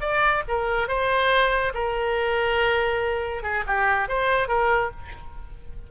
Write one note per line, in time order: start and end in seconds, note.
0.00 0.43 D5
0.48 0.88 A#4
0.88 1.73 C5
1.74 3.43 A#4
3.43 3.64 G#4
3.67 4.08 G4
4.08 4.48 C5
4.48 4.90 A#4